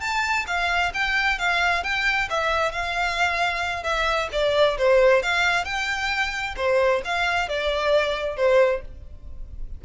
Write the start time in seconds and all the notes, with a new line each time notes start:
0.00 A5
0.47 F5
0.94 G5
1.39 F5
1.83 G5
2.30 E5
2.72 F5
3.83 E5
4.32 D5
4.78 C5
5.23 F5
5.65 G5
6.57 C5
7.04 F5
7.49 D5
8.36 C5